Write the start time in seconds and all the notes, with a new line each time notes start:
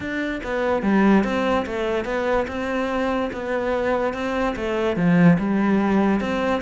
0.00 D4
0.43 B3
0.82 G3
1.24 C4
1.66 A3
2.05 B3
2.47 C4
3.32 B3
4.13 C4
4.56 A3
4.96 F3
5.38 G3
6.20 C4